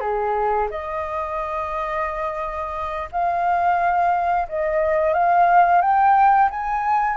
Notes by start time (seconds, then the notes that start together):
0.00 G#4
0.70 D#5
3.11 F5
4.48 D#5
5.14 F5
5.81 G5
6.50 G#5